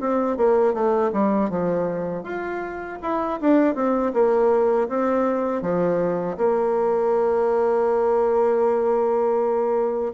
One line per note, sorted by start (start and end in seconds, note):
0.00 0.36 C4
0.36 0.73 A#3
0.73 1.11 A3
1.12 1.49 G3
1.49 2.23 F3
2.23 2.98 F4
3.02 3.39 E4
3.40 3.75 D4
3.75 4.12 C4
4.13 4.88 A#3
4.88 5.61 C4
5.61 6.36 F3
6.37 10.12 A#3